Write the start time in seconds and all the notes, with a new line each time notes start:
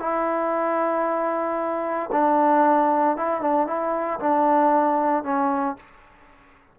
0.00 E4
2.12 D4
3.17 E4
3.41 D4
3.67 E4
4.20 D4
5.24 C#4